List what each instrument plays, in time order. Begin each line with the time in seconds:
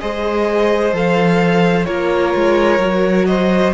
0.00 cello G#3, viola G#4, violin C5 D#5
0.93 cello F3, viola A4, violin F5
1.85 cello A#3, viola F4, violin A#4 C#5
2.35 cello G#3
2.79 cello F#3, viola F#4
3.26 violin C5 D#5